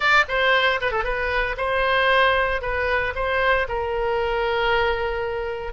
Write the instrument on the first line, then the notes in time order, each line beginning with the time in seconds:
oboe
0.00 D5
0.28 C5
0.80 B4
0.91 A4
1.03 B4
1.57 C5
2.61 B4
3.15 C5
3.68 A#4